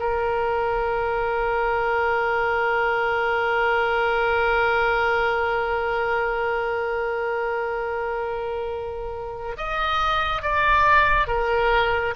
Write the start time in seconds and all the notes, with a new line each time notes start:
0.00 A#4
9.57 D#5
10.42 D5
11.27 A#4